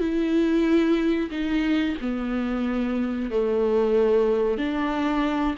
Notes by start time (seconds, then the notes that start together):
0.00 E4
1.31 D#4
2.02 B3
3.31 A3
4.58 D4